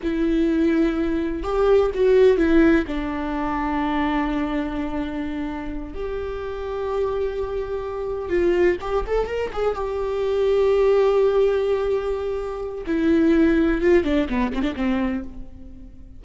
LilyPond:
\new Staff \with { instrumentName = "viola" } { \time 4/4 \tempo 4 = 126 e'2. g'4 | fis'4 e'4 d'2~ | d'1~ | d'8 g'2.~ g'8~ |
g'4. f'4 g'8 a'8 ais'8 | gis'8 g'2.~ g'8~ | g'2. e'4~ | e'4 f'8 d'8 b8 c'16 d'16 c'4 | }